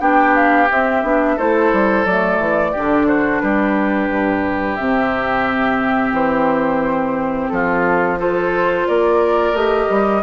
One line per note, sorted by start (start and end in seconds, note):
0.00 0.69 B3
0.00 0.68 D4
0.00 1.37 G4
0.00 0.35 G5
0.35 0.69 F5
0.70 1.05 C4
0.70 1.03 C4
0.70 1.39 E5
1.03 1.37 B3
1.03 1.38 D4
1.37 1.73 A3
1.37 2.06 E4
1.37 2.72 A4
1.37 2.06 C5
1.73 2.06 G3
2.06 2.39 F#3
2.06 2.76 A3
2.06 3.08 D5
2.39 2.73 E3
2.72 3.43 D3
2.72 4.79 D4
2.72 3.06 G4
3.08 3.42 F#4
3.08 3.40 C5
3.40 4.10 G3
3.40 7.52 G4
3.40 4.76 B4
4.10 4.78 G2
4.76 6.12 C3
4.76 8.19 C4
4.76 6.12 E5
6.12 7.48 E3
6.12 7.49 C5
7.49 8.88 F3
7.49 8.20 F4
7.49 8.17 A4
8.19 9.55 F4
8.19 8.88 A4
8.19 8.88 C5
8.88 9.54 A#3
8.88 10.23 A#4
8.88 9.56 D5
9.54 9.88 A3
9.54 10.23 G4
9.54 10.23 D#5
9.90 10.23 G3